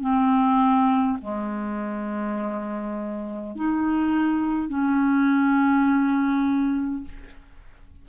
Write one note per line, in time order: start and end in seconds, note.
0.00 1.18 C4
1.21 3.56 G#3
3.56 4.69 D#4
4.69 7.04 C#4